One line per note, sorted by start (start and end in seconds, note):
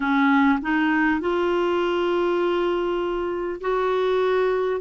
0.00 0.58 C#4
0.62 1.20 D#4
1.20 3.60 F4
3.60 4.80 F#4